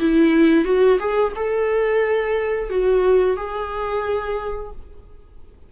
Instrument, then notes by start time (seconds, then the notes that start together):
viola
0.00 E4
0.65 F#4
1.00 G#4
1.36 A4
2.70 F#4
3.37 G#4